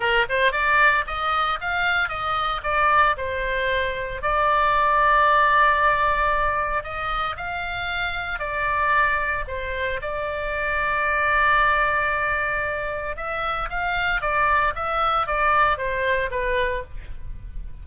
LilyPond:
\new Staff \with { instrumentName = "oboe" } { \time 4/4 \tempo 4 = 114 ais'8 c''8 d''4 dis''4 f''4 | dis''4 d''4 c''2 | d''1~ | d''4 dis''4 f''2 |
d''2 c''4 d''4~ | d''1~ | d''4 e''4 f''4 d''4 | e''4 d''4 c''4 b'4 | }